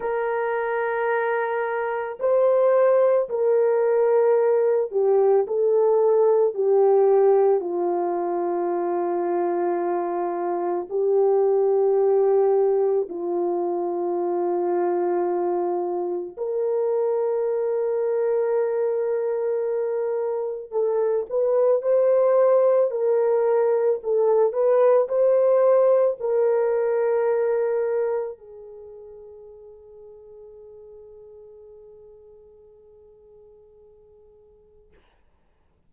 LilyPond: \new Staff \with { instrumentName = "horn" } { \time 4/4 \tempo 4 = 55 ais'2 c''4 ais'4~ | ais'8 g'8 a'4 g'4 f'4~ | f'2 g'2 | f'2. ais'4~ |
ais'2. a'8 b'8 | c''4 ais'4 a'8 b'8 c''4 | ais'2 gis'2~ | gis'1 | }